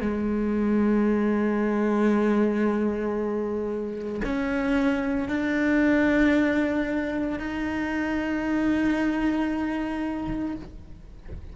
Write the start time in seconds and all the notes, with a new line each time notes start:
0.00 G#3
4.24 C#4
5.28 D4
7.39 D#4